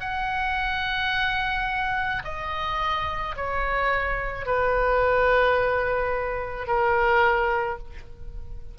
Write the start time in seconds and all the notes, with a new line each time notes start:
0.00 F#5
2.24 D#5
3.36 C#5
4.45 B4
6.67 A#4